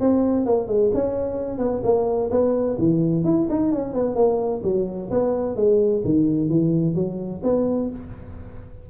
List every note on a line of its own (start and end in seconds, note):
0.00 0.46 C4
0.46 0.67 A#3
0.67 0.91 G#3
0.94 1.58 C#4
1.58 1.81 B3
1.84 2.30 A#3
2.31 2.77 B3
2.78 3.25 E3
3.25 3.48 E4
3.49 3.72 D#4
3.72 3.93 C#4
3.93 4.15 B3
4.15 4.62 A#3
4.63 5.10 F#3
5.11 5.56 B3
5.56 6.03 G#3
6.04 6.49 D#3
6.49 6.95 E3
6.95 7.41 F#3
7.43 7.90 B3